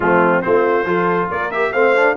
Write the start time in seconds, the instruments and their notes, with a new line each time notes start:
0.00 tuba F3, trombone A3, horn C4, trumpet F4
0.41 tuba A3, trombone C4, horn F4, trumpet C5
0.85 tuba F3, trombone F4, horn A4
1.30 tuba A#3, horn A#4, trumpet D5
1.51 trombone G4, trumpet E5
1.72 tuba A3, trombone C4, horn C5, trumpet F5
1.96 trombone D4